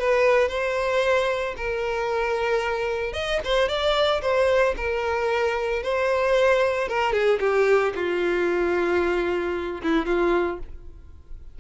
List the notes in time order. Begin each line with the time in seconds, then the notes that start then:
0.00 B4
0.49 C5
1.57 A#4
3.14 D#5
3.45 C5
3.69 D5
4.22 C5
4.77 A#4
5.83 C5
6.89 A#4
7.13 G#4
7.40 G4
7.96 F4
9.83 E4
10.06 F4